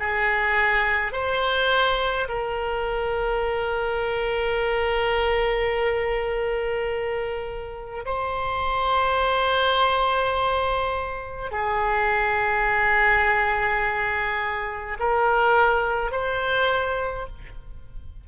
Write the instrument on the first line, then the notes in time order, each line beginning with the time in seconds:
oboe
0.00 G#4
1.13 C5
2.29 A#4
8.06 C5
11.52 G#4
15.00 A#4
16.12 C5